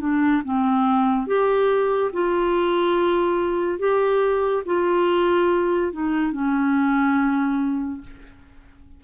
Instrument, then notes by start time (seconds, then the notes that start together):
clarinet
0.00 D4
0.45 C4
1.27 G4
2.13 F4
3.79 G4
4.66 F4
5.92 D#4
6.32 C#4